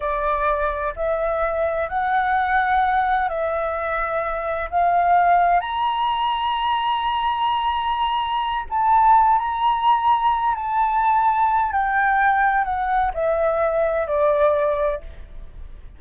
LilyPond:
\new Staff \with { instrumentName = "flute" } { \time 4/4 \tempo 4 = 128 d''2 e''2 | fis''2. e''4~ | e''2 f''2 | ais''1~ |
ais''2~ ais''8 a''4. | ais''2~ ais''8 a''4.~ | a''4 g''2 fis''4 | e''2 d''2 | }